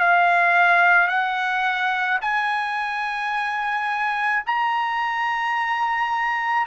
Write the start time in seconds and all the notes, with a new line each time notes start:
0.00 F5
1.08 F#5
2.22 G#5
4.46 A#5